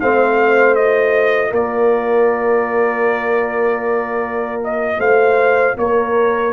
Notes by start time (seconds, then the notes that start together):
0.00 A3 C4 C5 F5
0.75 F4 D#5
1.51 A#3 A#4 D5
4.64 D#5
4.98 A3 C5 F5
5.77 A#3 A#4 C#5